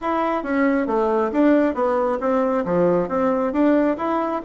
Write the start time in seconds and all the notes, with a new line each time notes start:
0.01 E4
0.43 C#4
0.87 A3
1.31 D4
1.74 B3
2.20 C4
2.65 F3
3.08 C4
3.53 D4
3.97 E4